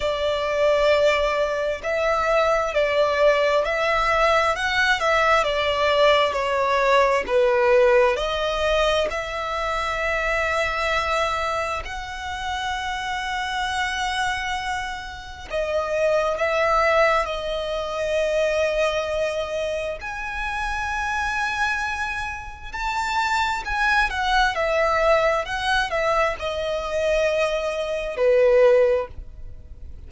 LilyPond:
\new Staff \with { instrumentName = "violin" } { \time 4/4 \tempo 4 = 66 d''2 e''4 d''4 | e''4 fis''8 e''8 d''4 cis''4 | b'4 dis''4 e''2~ | e''4 fis''2.~ |
fis''4 dis''4 e''4 dis''4~ | dis''2 gis''2~ | gis''4 a''4 gis''8 fis''8 e''4 | fis''8 e''8 dis''2 b'4 | }